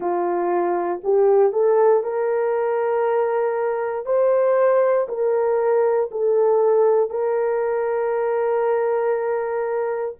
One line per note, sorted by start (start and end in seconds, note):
0.00 1.00 F4
1.03 1.52 G4
1.52 2.03 A4
2.03 4.05 A#4
4.05 5.07 C5
5.08 6.10 A#4
6.11 7.10 A4
7.10 10.15 A#4